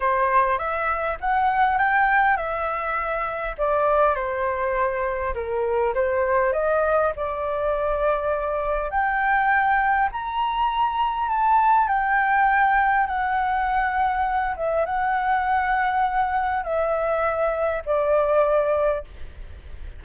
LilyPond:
\new Staff \with { instrumentName = "flute" } { \time 4/4 \tempo 4 = 101 c''4 e''4 fis''4 g''4 | e''2 d''4 c''4~ | c''4 ais'4 c''4 dis''4 | d''2. g''4~ |
g''4 ais''2 a''4 | g''2 fis''2~ | fis''8 e''8 fis''2. | e''2 d''2 | }